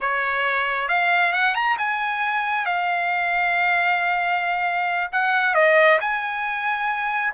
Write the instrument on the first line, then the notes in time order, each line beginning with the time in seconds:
trumpet
0.00 C#5
0.88 F5
1.33 F#5
1.54 A#5
1.78 G#5
2.65 F5
5.12 F#5
5.54 D#5
6.00 G#5